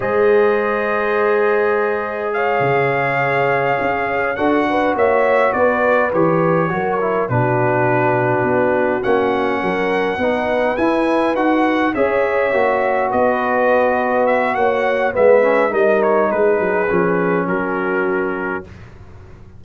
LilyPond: <<
  \new Staff \with { instrumentName = "trumpet" } { \time 4/4 \tempo 4 = 103 dis''1 | f''2.~ f''8 fis''8~ | fis''8 e''4 d''4 cis''4.~ | cis''8 b'2. fis''8~ |
fis''2~ fis''8 gis''4 fis''8~ | fis''8 e''2 dis''4.~ | dis''8 e''8 fis''4 e''4 dis''8 cis''8 | b'2 ais'2 | }
  \new Staff \with { instrumentName = "horn" } { \time 4/4 c''1 | cis''2.~ cis''8 a'8 | b'8 cis''4 b'2 ais'8~ | ais'8 fis'2.~ fis'8~ |
fis'8 ais'4 b'2~ b'8~ | b'8 cis''2 b'4.~ | b'4 cis''4 b'4 ais'4 | gis'2 fis'2 | }
  \new Staff \with { instrumentName = "trombone" } { \time 4/4 gis'1~ | gis'2.~ gis'8 fis'8~ | fis'2~ fis'8 g'4 fis'8 | e'8 d'2. cis'8~ |
cis'4. dis'4 e'4 fis'8~ | fis'8 gis'4 fis'2~ fis'8~ | fis'2 b8 cis'8 dis'4~ | dis'4 cis'2. | }
  \new Staff \with { instrumentName = "tuba" } { \time 4/4 gis1~ | gis8 cis2 cis'4 d'8~ | d'8 ais4 b4 e4 fis8~ | fis8 b,2 b4 ais8~ |
ais8 fis4 b4 e'4 dis'8~ | dis'8 cis'4 ais4 b4.~ | b4 ais4 gis4 g4 | gis8 fis8 f4 fis2 | }
>>